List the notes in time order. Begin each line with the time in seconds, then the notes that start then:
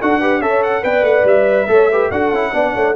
0.00 D4 F#4 A4 F#5
0.20 G4 B4
0.40 C#4 A4 C#5 E5
0.63 F#5
0.83 B3 B4 D5 G5
1.02 A3 F#5
1.24 G3 E5
1.68 A3 A4 C#5
1.91 G4 B4
2.09 D4 F#4 A4 F#5
2.32 C#4 E4
2.52 B3 D4 D5
2.74 A3 C#5